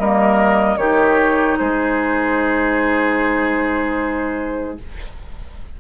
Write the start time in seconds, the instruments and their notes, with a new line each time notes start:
0.00 bassoon G3, clarinet A#3, oboe A#4, flute D#5
0.77 bassoon D#3, clarinet D#4, oboe G4, flute C#5
1.58 bassoon G#3, oboe G#4, flute C5